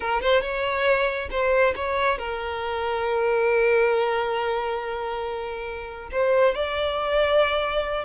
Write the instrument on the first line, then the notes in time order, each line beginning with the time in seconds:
violin
0.00 A#4
0.21 C5
0.41 C#5
1.30 C5
1.75 C#5
2.18 A#4
6.11 C5
6.55 D5